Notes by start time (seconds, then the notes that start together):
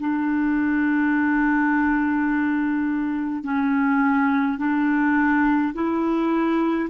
0.00 D4
3.44 C#4
4.58 D4
5.74 E4